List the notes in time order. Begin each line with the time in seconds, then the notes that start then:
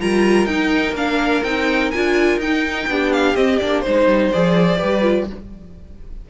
0.00 G3 F4 A#4 A#5
0.46 D#4 G5
0.92 A#3 D4 F5
1.43 C4 D#4 G5
1.90 D4 F4 G#5
2.37 D#4 G5
2.87 B3 D4 G4
3.12 F5
3.35 C4 D#5
3.58 A#3 D4 D5
3.80 D#4 C5
3.87 G#3
4.06 G3
4.32 F3 G#4 D5
4.78 G3 G4 B4
5.02 F4